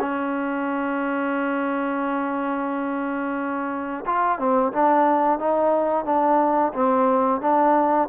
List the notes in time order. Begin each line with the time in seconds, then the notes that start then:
0.00 C#4
4.06 F4
4.39 C4
4.73 D4
5.39 D#4
6.05 D4
6.74 C4
7.41 D4